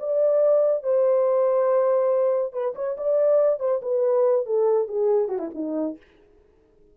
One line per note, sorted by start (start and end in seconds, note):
0.00 0.84 D5
0.84 2.53 C5
2.53 2.74 B4
2.75 2.97 C#5
2.98 3.60 D5
3.60 3.81 C5
3.83 4.46 B4
4.46 4.88 A4
4.88 5.29 G#4
5.29 5.39 F#4
5.39 5.50 E4
5.55 5.98 D#4